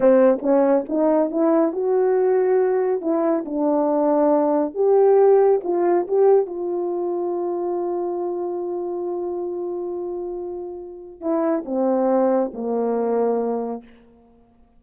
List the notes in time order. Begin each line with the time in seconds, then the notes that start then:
0.00 C4
0.41 C#4
0.88 D#4
1.31 E4
1.72 F#4
3.01 E4
3.45 D4
4.74 G4
5.63 F4
6.07 G4
6.46 F4
11.20 E4
11.65 C4
12.53 A#3